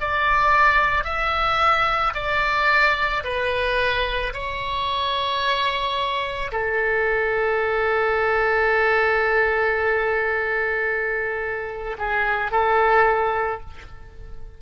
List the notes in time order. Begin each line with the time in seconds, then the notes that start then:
0.00 D5
1.04 E5
2.14 D5
3.24 B4
4.33 C#5
6.52 A4
11.98 G#4
12.51 A4